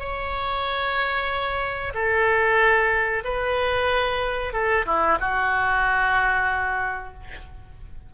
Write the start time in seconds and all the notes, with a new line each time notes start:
0.00 C#5
1.94 A4
3.25 B4
4.54 A4
4.87 E4
5.21 F#4